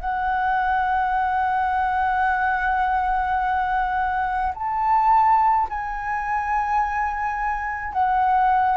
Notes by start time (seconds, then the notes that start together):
0.00 F#5
4.54 A5
5.70 G#5
7.93 F#5